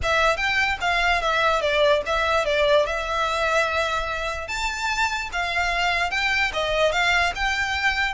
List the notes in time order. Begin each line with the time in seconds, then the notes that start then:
0.02 E5
0.36 G5
0.80 F5
1.21 E5
1.61 D5
2.06 E5
2.45 D5
2.86 E5
4.47 A5
5.32 F5
6.10 G5
6.53 D#5
6.92 F5
7.35 G5